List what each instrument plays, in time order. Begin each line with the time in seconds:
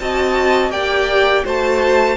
0.00 cello C4, viola F#4, violin D#5 A5
0.70 cello A#3, viola G4, violin D5 G5
1.44 cello A3, viola F#4, violin C5 A5